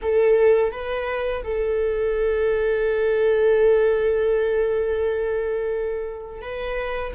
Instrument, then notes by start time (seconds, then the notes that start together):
viola
0.02 A4
0.71 B4
1.43 A4
6.41 B4